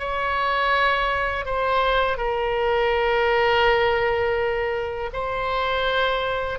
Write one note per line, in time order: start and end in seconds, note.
0.00 1.46 C#5
1.46 2.18 C5
2.18 5.11 A#4
5.13 6.59 C5